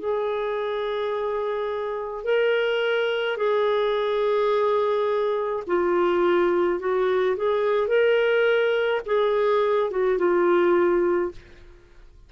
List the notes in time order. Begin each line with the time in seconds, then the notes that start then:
0.00 G#4
2.24 A#4
3.38 G#4
5.68 F4
6.80 F#4
7.37 G#4
7.88 A#4
9.06 G#4
9.91 F#4
10.19 F4